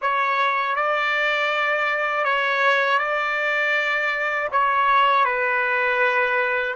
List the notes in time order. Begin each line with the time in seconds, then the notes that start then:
0.01 C#5
0.75 D5
2.24 C#5
2.98 D5
4.51 C#5
5.24 B4